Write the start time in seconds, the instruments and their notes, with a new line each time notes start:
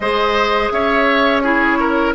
0.00 bassoon G#3, clarinet G#4, oboe C5, flute D#5
0.71 bassoon C#4, oboe C#5, flute E5
1.39 clarinet E4, oboe G#4, flute C#5
1.79 oboe A#4